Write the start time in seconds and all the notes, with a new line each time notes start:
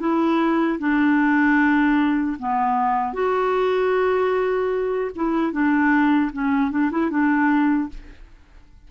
0.00 E4
0.79 D4
2.39 B3
3.14 F#4
5.16 E4
5.52 D4
6.33 C#4
6.71 D4
6.91 E4
7.10 D4